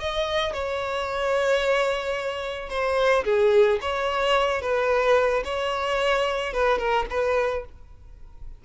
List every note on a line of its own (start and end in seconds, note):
0.00 0.54 D#5
0.54 2.70 C#5
2.70 3.24 C5
3.25 3.79 G#4
3.82 4.62 C#5
4.62 5.44 B4
5.45 6.54 C#5
6.54 6.79 B4
6.79 7.06 A#4
7.10 7.65 B4